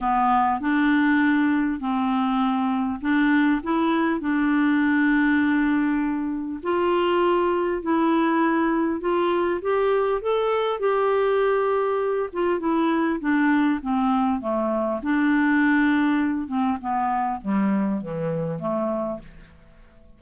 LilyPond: \new Staff \with { instrumentName = "clarinet" } { \time 4/4 \tempo 4 = 100 b4 d'2 c'4~ | c'4 d'4 e'4 d'4~ | d'2. f'4~ | f'4 e'2 f'4 |
g'4 a'4 g'2~ | g'8 f'8 e'4 d'4 c'4 | a4 d'2~ d'8 c'8 | b4 g4 e4 a4 | }